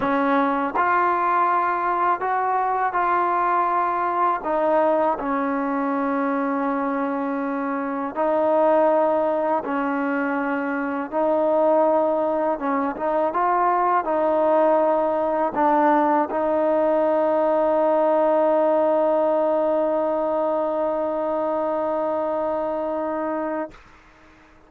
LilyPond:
\new Staff \with { instrumentName = "trombone" } { \time 4/4 \tempo 4 = 81 cis'4 f'2 fis'4 | f'2 dis'4 cis'4~ | cis'2. dis'4~ | dis'4 cis'2 dis'4~ |
dis'4 cis'8 dis'8 f'4 dis'4~ | dis'4 d'4 dis'2~ | dis'1~ | dis'1 | }